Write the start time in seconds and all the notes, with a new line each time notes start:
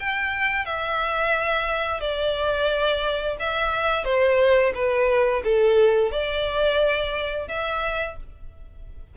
0.00 G5
0.65 E5
2.01 D5
3.40 E5
4.05 C5
4.75 B4
5.44 A4
6.12 D5
7.48 E5